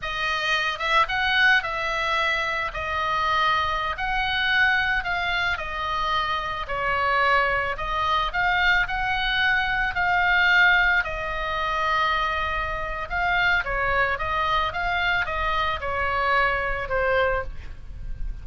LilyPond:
\new Staff \with { instrumentName = "oboe" } { \time 4/4 \tempo 4 = 110 dis''4. e''8 fis''4 e''4~ | e''4 dis''2~ dis''16 fis''8.~ | fis''4~ fis''16 f''4 dis''4.~ dis''16~ | dis''16 cis''2 dis''4 f''8.~ |
f''16 fis''2 f''4.~ f''16~ | f''16 dis''2.~ dis''8. | f''4 cis''4 dis''4 f''4 | dis''4 cis''2 c''4 | }